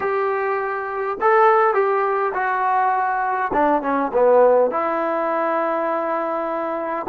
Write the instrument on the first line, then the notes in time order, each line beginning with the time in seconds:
trombone
0.00 G4
1.21 A4
1.74 G4
2.34 F#4
3.53 D4
3.82 C#4
4.13 B3
4.71 E4